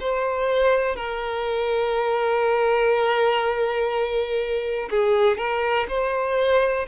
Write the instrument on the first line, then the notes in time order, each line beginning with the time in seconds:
violin
0.00 C5
0.96 A#4
4.90 G#4
5.37 A#4
5.88 C5